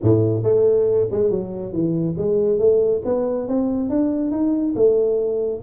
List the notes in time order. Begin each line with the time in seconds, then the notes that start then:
0.01 A2
0.43 A3
1.11 G#3
1.30 F#3
1.72 E3
2.17 G#3
2.59 A3
3.04 B3
3.47 C4
3.89 D4
4.31 D#4
4.75 A3